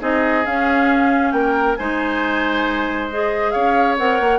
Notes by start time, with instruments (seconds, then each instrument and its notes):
0.00 bassoon C4, clarinet D#4, oboe G#4, flute D#5
0.45 clarinet C#4, bassoon C#4, flute F5
1.31 bassoon A#3, oboe A#4, flute G5
1.76 bassoon G#3, clarinet D#4, oboe C5, flute G#5
3.10 clarinet G#4, flute D#5
3.51 bassoon C#4, oboe C#5, flute F5
3.98 bassoon C4, clarinet A#4, flute F#5
4.20 bassoon A#3